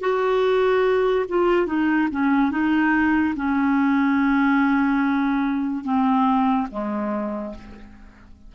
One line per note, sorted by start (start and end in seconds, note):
0.00 1.25 F#4
1.28 1.66 F4
1.66 2.08 D#4
2.11 2.51 C#4
2.51 3.34 D#4
3.36 5.84 C#4
5.84 6.67 C4
6.71 7.54 G#3